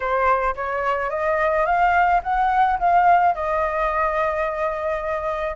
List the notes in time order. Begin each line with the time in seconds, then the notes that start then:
0.00 C5
0.55 C#5
1.10 D#5
1.65 F5
2.23 F#5
2.79 F5
3.34 D#5